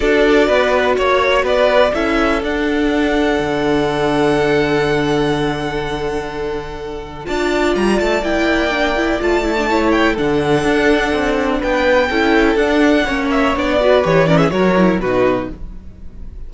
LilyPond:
<<
  \new Staff \with { instrumentName = "violin" } { \time 4/4 \tempo 4 = 124 d''2 cis''4 d''4 | e''4 fis''2.~ | fis''1~ | fis''2. a''4 |
ais''8 a''8 g''2 a''4~ | a''8 g''8 fis''2. | g''2 fis''4. e''8 | d''4 cis''8 d''16 e''16 cis''4 b'4 | }
  \new Staff \with { instrumentName = "violin" } { \time 4/4 a'4 b'4 cis''4 b'4 | a'1~ | a'1~ | a'2. d''4~ |
d''1 | cis''4 a'2. | b'4 a'2 cis''4~ | cis''8 b'4 ais'16 gis'16 ais'4 fis'4 | }
  \new Staff \with { instrumentName = "viola" } { \time 4/4 fis'1 | e'4 d'2.~ | d'1~ | d'2. f'4~ |
f'4 e'4 d'8 e'8 f'8 e'16 d'16 | e'4 d'2.~ | d'4 e'4 d'4 cis'4 | d'8 fis'8 g'8 cis'8 fis'8 e'8 dis'4 | }
  \new Staff \with { instrumentName = "cello" } { \time 4/4 d'4 b4 ais4 b4 | cis'4 d'2 d4~ | d1~ | d2. d'4 |
g8 a8 ais2 a4~ | a4 d4 d'4 c'4 | b4 cis'4 d'4 ais4 | b4 e4 fis4 b,4 | }
>>